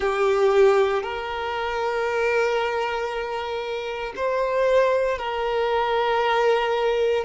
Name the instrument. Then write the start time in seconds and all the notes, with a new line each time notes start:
violin
0.00 G4
1.03 A#4
4.16 C5
5.18 A#4